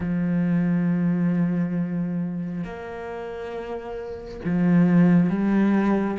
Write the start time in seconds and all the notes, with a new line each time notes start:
0.00 F3
2.64 A#3
4.44 F3
5.29 G3